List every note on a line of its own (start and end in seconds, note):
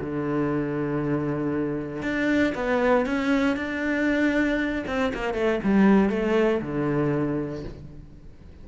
0.00 2.02 D3
2.02 2.53 D4
2.55 3.06 B3
3.06 3.56 C#4
3.56 4.84 D4
4.86 5.12 C4
5.14 5.34 A#3
5.34 5.59 A3
5.63 6.10 G3
6.10 6.61 A3
6.61 7.64 D3